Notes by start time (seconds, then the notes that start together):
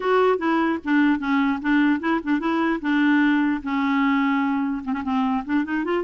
0.00 F#4
0.38 E4
0.84 D4
1.19 C#4
1.61 D4
2.00 E4
2.23 D4
2.39 E4
2.81 D4
3.63 C#4
4.84 C4
4.92 C#4
5.03 C4
5.45 D4
5.64 D#4
5.84 F4